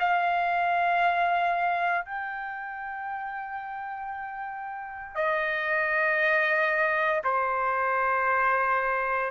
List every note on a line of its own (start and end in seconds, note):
0.00 2.05 F5
2.05 5.15 G5
5.15 7.22 D#5
7.25 9.31 C5